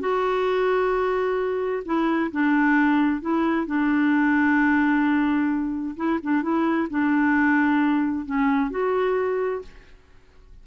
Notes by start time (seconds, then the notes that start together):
0.00 F#4
1.85 E4
2.32 D4
3.21 E4
3.66 D4
5.96 E4
6.23 D4
6.42 E4
6.90 D4
8.26 C#4
8.71 F#4